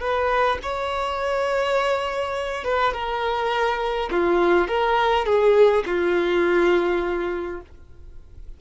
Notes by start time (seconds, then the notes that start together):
0.00 B4
0.62 C#5
2.64 B4
2.93 A#4
4.11 F4
4.68 A#4
5.26 G#4
5.86 F4